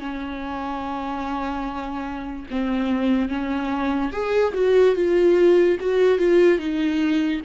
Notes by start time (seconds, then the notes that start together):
0.00 C#4
2.51 C4
3.29 C#4
4.12 G#4
4.54 F#4
4.96 F4
5.80 F#4
6.19 F4
6.59 D#4